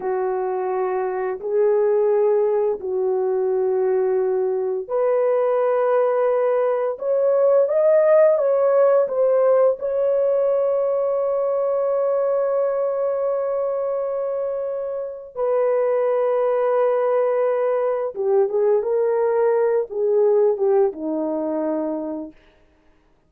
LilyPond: \new Staff \with { instrumentName = "horn" } { \time 4/4 \tempo 4 = 86 fis'2 gis'2 | fis'2. b'4~ | b'2 cis''4 dis''4 | cis''4 c''4 cis''2~ |
cis''1~ | cis''2 b'2~ | b'2 g'8 gis'8 ais'4~ | ais'8 gis'4 g'8 dis'2 | }